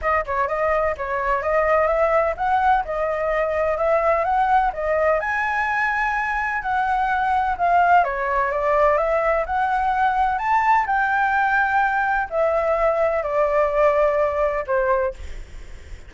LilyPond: \new Staff \with { instrumentName = "flute" } { \time 4/4 \tempo 4 = 127 dis''8 cis''8 dis''4 cis''4 dis''4 | e''4 fis''4 dis''2 | e''4 fis''4 dis''4 gis''4~ | gis''2 fis''2 |
f''4 cis''4 d''4 e''4 | fis''2 a''4 g''4~ | g''2 e''2 | d''2. c''4 | }